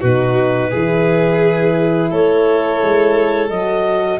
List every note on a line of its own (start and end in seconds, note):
0.00 0.73 B2
0.00 0.72 D#4
0.00 0.70 F#4
0.00 2.11 B4
0.70 2.11 E3
0.70 3.50 E4
0.70 2.09 G#4
2.10 2.81 A3
2.10 4.19 A4
2.10 3.49 C#5
2.82 3.50 G#3
3.49 4.20 F#3
3.49 4.20 F#4
3.49 4.19 D#5